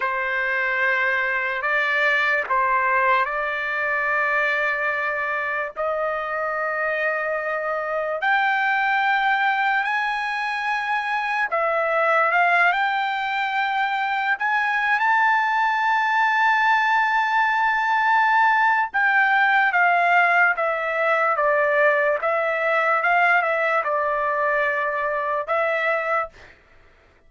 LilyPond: \new Staff \with { instrumentName = "trumpet" } { \time 4/4 \tempo 4 = 73 c''2 d''4 c''4 | d''2. dis''4~ | dis''2 g''2 | gis''2 e''4 f''8 g''8~ |
g''4. gis''8. a''4.~ a''16~ | a''2. g''4 | f''4 e''4 d''4 e''4 | f''8 e''8 d''2 e''4 | }